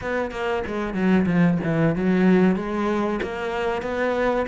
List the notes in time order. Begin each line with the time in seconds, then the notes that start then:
0.01 B3
0.31 A#3
0.66 G#3
0.93 F#3
1.26 F3
1.63 E3
1.95 F#3
2.56 G#3
3.22 A#3
3.82 B3